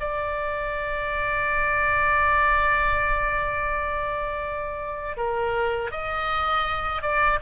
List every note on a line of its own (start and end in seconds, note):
0.00 5.17 D5
5.17 5.91 A#4
5.91 7.02 D#5
7.02 7.39 D5